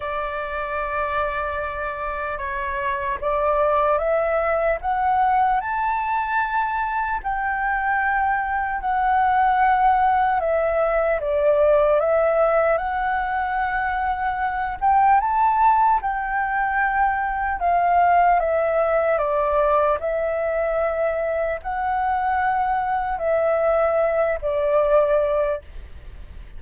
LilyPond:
\new Staff \with { instrumentName = "flute" } { \time 4/4 \tempo 4 = 75 d''2. cis''4 | d''4 e''4 fis''4 a''4~ | a''4 g''2 fis''4~ | fis''4 e''4 d''4 e''4 |
fis''2~ fis''8 g''8 a''4 | g''2 f''4 e''4 | d''4 e''2 fis''4~ | fis''4 e''4. d''4. | }